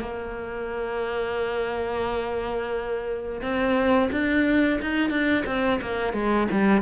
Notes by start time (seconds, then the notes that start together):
0.00 A#3
3.41 C4
4.11 D4
4.81 D#4
5.10 D4
5.46 C4
5.81 A#3
6.13 G#3
6.51 G3